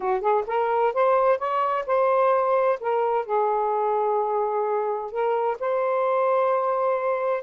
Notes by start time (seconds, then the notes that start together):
0.00 F#4
0.21 G#4
0.47 A#4
0.93 C5
1.38 C#5
1.86 C5
2.79 A#4
3.25 G#4
5.11 A#4
5.59 C5